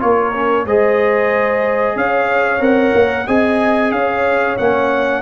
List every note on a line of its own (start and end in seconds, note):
0.00 0.66 A#3
0.00 0.33 F4
0.00 0.66 A#4
0.00 0.66 C#5
0.34 0.67 C#4
0.66 1.96 G#3
0.66 2.60 G#4
0.66 1.96 C5
0.66 1.97 D#5
1.96 2.61 C#4
1.96 3.27 C#5
1.96 2.63 F5
2.60 2.93 C4
2.60 3.25 A#4
2.60 3.28 F#5
2.95 3.28 A#3
3.27 3.92 C4
3.27 4.58 G#4
3.27 3.92 D#5
3.27 3.92 G#5
3.92 4.57 C#4
3.92 5.22 C#5
3.92 4.57 F5
4.58 5.22 A#3
4.58 5.22 C#4
4.58 5.22 F#5